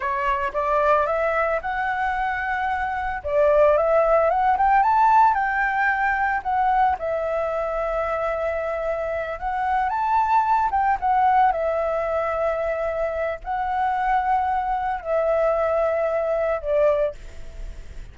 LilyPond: \new Staff \with { instrumentName = "flute" } { \time 4/4 \tempo 4 = 112 cis''4 d''4 e''4 fis''4~ | fis''2 d''4 e''4 | fis''8 g''8 a''4 g''2 | fis''4 e''2.~ |
e''4. fis''4 a''4. | g''8 fis''4 e''2~ e''8~ | e''4 fis''2. | e''2. d''4 | }